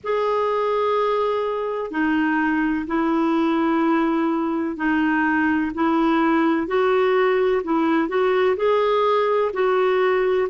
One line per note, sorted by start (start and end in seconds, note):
0.03 1.90 G#4
1.90 2.86 D#4
2.87 4.76 E4
4.76 5.71 D#4
5.74 6.67 E4
6.67 7.62 F#4
7.63 8.08 E4
8.08 8.56 F#4
8.56 9.51 G#4
9.53 10.48 F#4